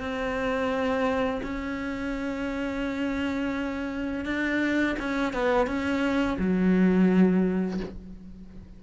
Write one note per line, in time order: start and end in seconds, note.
0.00 1.41 C4
1.43 4.25 C#4
4.25 4.96 D4
4.99 5.33 C#4
5.33 5.67 B3
5.67 6.38 C#4
6.39 7.80 F#3